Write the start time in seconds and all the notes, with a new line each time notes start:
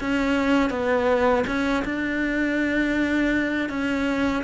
0.00 C#4
0.70 B3
1.46 C#4
1.85 D4
3.69 C#4